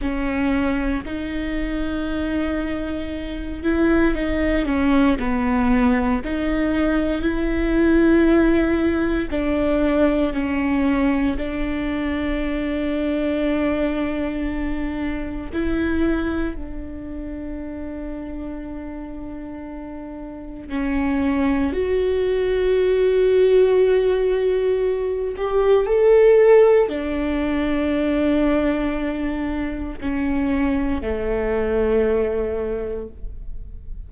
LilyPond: \new Staff \with { instrumentName = "viola" } { \time 4/4 \tempo 4 = 58 cis'4 dis'2~ dis'8 e'8 | dis'8 cis'8 b4 dis'4 e'4~ | e'4 d'4 cis'4 d'4~ | d'2. e'4 |
d'1 | cis'4 fis'2.~ | fis'8 g'8 a'4 d'2~ | d'4 cis'4 a2 | }